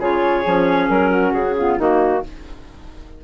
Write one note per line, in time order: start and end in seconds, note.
0.00 0.44 C#3
0.00 0.45 F4
0.00 1.11 G#4
0.00 0.89 C#5
0.45 0.90 F3
0.45 1.56 C#4
0.89 1.34 F#3
0.89 1.33 A#4
1.11 1.55 F#4
1.33 1.78 C#3
1.33 1.77 G#4
1.58 1.80 B3
1.58 1.80 F4
1.79 2.23 D#3
1.79 2.24 A#3
1.79 2.25 D#4
1.79 2.23 F#4